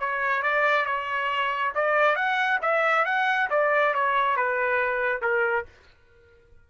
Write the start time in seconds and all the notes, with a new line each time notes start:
0.00 C#5
0.43 D5
0.86 C#5
1.75 D5
2.16 F#5
2.62 E5
3.06 F#5
3.50 D5
3.94 C#5
4.37 B4
5.22 A#4